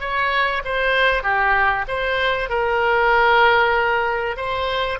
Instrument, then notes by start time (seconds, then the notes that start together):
oboe
0.00 C#5
0.64 C5
1.23 G4
1.88 C5
2.49 A#4
4.36 C5